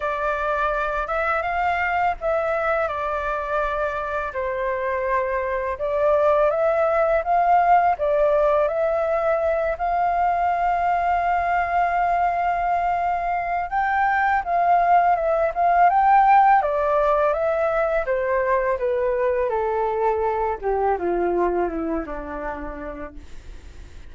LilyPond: \new Staff \with { instrumentName = "flute" } { \time 4/4 \tempo 4 = 83 d''4. e''8 f''4 e''4 | d''2 c''2 | d''4 e''4 f''4 d''4 | e''4. f''2~ f''8~ |
f''2. g''4 | f''4 e''8 f''8 g''4 d''4 | e''4 c''4 b'4 a'4~ | a'8 g'8 f'4 e'8 d'4. | }